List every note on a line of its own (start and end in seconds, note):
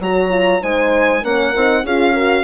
0.00 0.61 F#3
0.00 0.30 F#4
0.00 0.62 C#5
0.00 0.63 A#5
0.30 0.60 F4
0.61 1.24 G#3
0.61 1.22 D#4
0.61 1.22 C5
0.61 1.24 G#5
1.22 1.54 A#3
1.22 1.54 C#4
1.22 1.83 A#4
1.22 1.85 F#5
1.55 1.84 C4
1.55 1.85 D#4
1.84 2.43 C#4
1.84 2.15 F4
1.84 2.13 G#4
1.84 2.43 F5
2.13 2.43 F#4
2.13 2.43 A#4